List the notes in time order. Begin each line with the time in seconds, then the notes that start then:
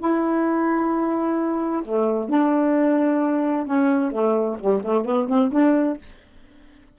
0.00 E4
1.85 A3
2.30 D4
3.67 C#4
4.12 A3
4.60 G3
4.84 A3
5.06 B3
5.29 C4
5.52 D4